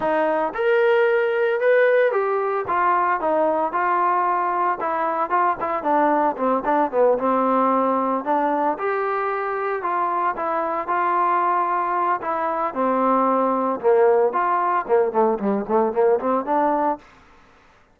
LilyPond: \new Staff \with { instrumentName = "trombone" } { \time 4/4 \tempo 4 = 113 dis'4 ais'2 b'4 | g'4 f'4 dis'4 f'4~ | f'4 e'4 f'8 e'8 d'4 | c'8 d'8 b8 c'2 d'8~ |
d'8 g'2 f'4 e'8~ | e'8 f'2~ f'8 e'4 | c'2 ais4 f'4 | ais8 a8 g8 a8 ais8 c'8 d'4 | }